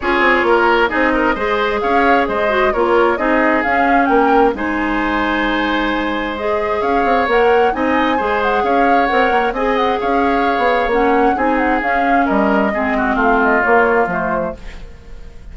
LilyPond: <<
  \new Staff \with { instrumentName = "flute" } { \time 4/4 \tempo 4 = 132 cis''2 dis''2 | f''4 dis''4 cis''4 dis''4 | f''4 g''4 gis''2~ | gis''2 dis''4 f''4 |
fis''4 gis''4. fis''8 f''4 | fis''4 gis''8 fis''8 f''2 | fis''4 gis''8 fis''8 f''4 dis''4~ | dis''4 f''8 dis''8 cis''4 c''4 | }
  \new Staff \with { instrumentName = "oboe" } { \time 4/4 gis'4 ais'4 gis'8 ais'8 c''4 | cis''4 c''4 ais'4 gis'4~ | gis'4 ais'4 c''2~ | c''2. cis''4~ |
cis''4 dis''4 c''4 cis''4~ | cis''4 dis''4 cis''2~ | cis''4 gis'2 ais'4 | gis'8 fis'8 f'2. | }
  \new Staff \with { instrumentName = "clarinet" } { \time 4/4 f'2 dis'4 gis'4~ | gis'4. fis'8 f'4 dis'4 | cis'2 dis'2~ | dis'2 gis'2 |
ais'4 dis'4 gis'2 | ais'4 gis'2. | cis'4 dis'4 cis'2 | c'2 ais4 a4 | }
  \new Staff \with { instrumentName = "bassoon" } { \time 4/4 cis'8 c'8 ais4 c'4 gis4 | cis'4 gis4 ais4 c'4 | cis'4 ais4 gis2~ | gis2. cis'8 c'8 |
ais4 c'4 gis4 cis'4 | c'8 ais8 c'4 cis'4~ cis'16 b8. | ais4 c'4 cis'4 g4 | gis4 a4 ais4 f4 | }
>>